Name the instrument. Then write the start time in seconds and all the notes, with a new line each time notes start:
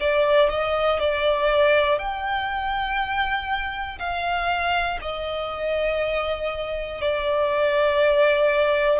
violin
0.00 D5
0.49 D#5
0.99 D5
1.99 G5
3.99 F5
5.01 D#5
7.00 D5